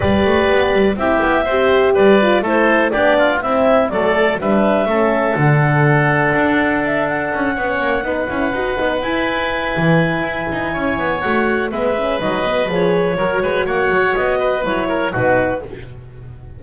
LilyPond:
<<
  \new Staff \with { instrumentName = "clarinet" } { \time 4/4 \tempo 4 = 123 d''2 e''2 | d''4 c''4 d''4 e''4 | d''4 e''2 fis''4~ | fis''2 e''8 fis''4.~ |
fis''2~ fis''8 gis''4.~ | gis''2. fis''4 | e''4 dis''4 cis''2 | fis''4 dis''4 cis''4 b'4 | }
  \new Staff \with { instrumentName = "oboe" } { \time 4/4 b'2 g'4 c''4 | b'4 a'4 g'8 f'8 e'4 | a'4 b'4 a'2~ | a'2.~ a'8 cis''8~ |
cis''8 b'2.~ b'8~ | b'2 cis''2 | b'2. ais'8 b'8 | cis''4. b'4 ais'8 fis'4 | }
  \new Staff \with { instrumentName = "horn" } { \time 4/4 g'2 e'4 g'4~ | g'8 f'8 e'4 d'4 c'4 | a4 d'4 cis'4 d'4~ | d'2.~ d'8 cis'8~ |
cis'8 dis'8 e'8 fis'8 dis'8 e'4.~ | e'2. fis'4 | b8 cis'8 dis'8 b8 gis'4 fis'4~ | fis'2 e'4 dis'4 | }
  \new Staff \with { instrumentName = "double bass" } { \time 4/4 g8 a8 b8 g8 c'8 b8 c'4 | g4 a4 b4 c'4 | fis4 g4 a4 d4~ | d4 d'2 cis'8 b8 |
ais8 b8 cis'8 dis'8 b8 e'4. | e4 e'8 dis'8 cis'8 b8 a4 | gis4 fis4 f4 fis8 gis8 | ais8 fis8 b4 fis4 b,4 | }
>>